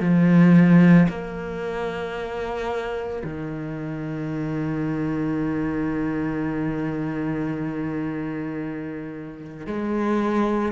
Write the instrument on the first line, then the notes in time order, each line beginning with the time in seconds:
cello
0.00 F3
1.08 A#3
3.23 D#3
9.66 G#3